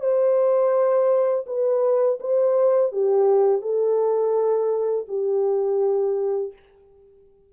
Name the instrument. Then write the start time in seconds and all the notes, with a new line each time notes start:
horn
0.00 C5
1.46 B4
2.19 C5
2.91 G4
3.61 A4
5.08 G4